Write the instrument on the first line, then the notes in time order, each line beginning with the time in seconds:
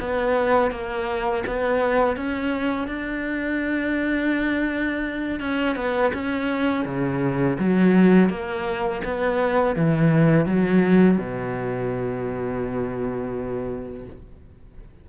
cello
0.00 B3
0.71 A#3
1.47 B3
2.16 C#4
2.88 D4
5.40 C#4
5.76 B3
6.13 C#4
6.85 C#3
7.59 F#3
8.29 A#3
9.05 B3
9.76 E3
10.46 F#3
11.18 B2